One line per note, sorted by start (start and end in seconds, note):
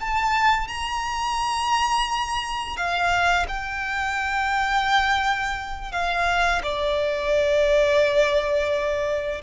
0.00 0.68 A5
0.68 2.77 A#5
2.77 3.46 F5
3.48 5.92 G5
5.92 6.62 F5
6.63 9.42 D5